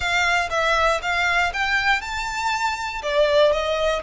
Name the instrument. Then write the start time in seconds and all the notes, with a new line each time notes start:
violin
0.00 F5
0.50 E5
1.02 F5
1.53 G5
2.01 A5
3.02 D5
3.52 D#5